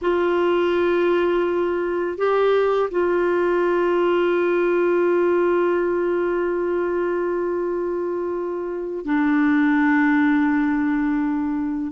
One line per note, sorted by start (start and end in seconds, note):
0.01 2.17 F4
2.17 2.89 G4
2.90 9.05 F4
9.05 11.92 D4